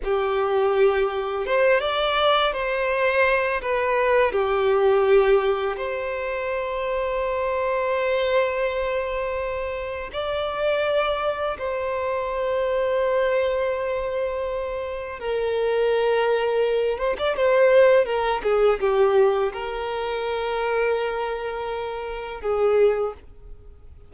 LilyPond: \new Staff \with { instrumentName = "violin" } { \time 4/4 \tempo 4 = 83 g'2 c''8 d''4 c''8~ | c''4 b'4 g'2 | c''1~ | c''2 d''2 |
c''1~ | c''4 ais'2~ ais'8 c''16 d''16 | c''4 ais'8 gis'8 g'4 ais'4~ | ais'2. gis'4 | }